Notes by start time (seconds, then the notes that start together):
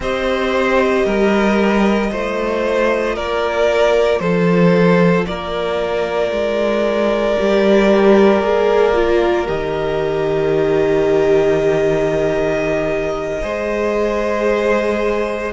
0.00 C4 G4 C5 D#5
1.05 G3 A#4
2.07 A3 F4 C5
3.15 A#3 A#4 D5
4.19 F3 A4 C5
5.26 A#3 A#4 D5
6.31 G#3
7.37 G3 G4
8.42 A#3 G#4
8.94 F4
9.46 D#3 G4 D#5
13.41 G#3 G#4 C5